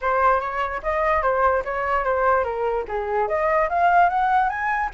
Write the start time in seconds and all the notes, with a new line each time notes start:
0.01 C5
0.40 C#5
0.82 D#5
1.22 C5
1.64 C#5
2.04 C5
2.44 A#4
2.87 G#4
3.28 D#5
3.69 F5
4.09 F#5
4.49 G#5